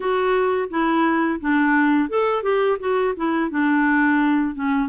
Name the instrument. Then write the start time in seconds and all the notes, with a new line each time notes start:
clarinet
0.00 F#4
0.70 E4
1.40 D4
2.09 A4
2.43 G4
2.79 F#4
3.16 E4
3.50 D4
4.54 C#4